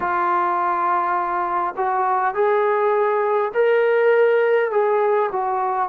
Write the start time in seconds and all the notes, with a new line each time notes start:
0.00 F4
1.76 F#4
2.34 G#4
3.53 A#4
4.71 G#4
5.32 F#4